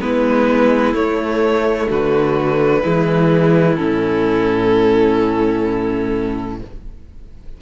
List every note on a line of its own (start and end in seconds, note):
0.00 0.93 G#3
0.00 0.94 B3
0.00 1.89 E4
0.00 0.94 B4
0.93 1.87 A3
0.93 2.81 A3
0.93 1.88 C#5
1.89 2.83 D3
1.89 2.81 F#4
1.89 3.75 B4
2.81 3.78 E3
2.81 3.77 G#3
2.81 6.56 E4
3.75 6.61 A2
3.75 6.59 C#4
3.75 6.56 A4